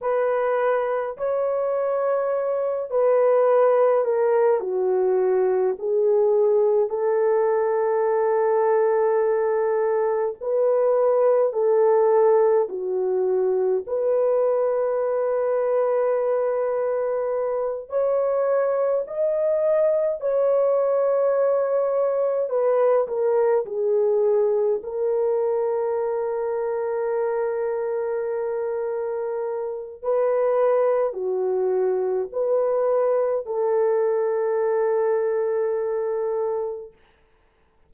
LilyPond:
\new Staff \with { instrumentName = "horn" } { \time 4/4 \tempo 4 = 52 b'4 cis''4. b'4 ais'8 | fis'4 gis'4 a'2~ | a'4 b'4 a'4 fis'4 | b'2.~ b'8 cis''8~ |
cis''8 dis''4 cis''2 b'8 | ais'8 gis'4 ais'2~ ais'8~ | ais'2 b'4 fis'4 | b'4 a'2. | }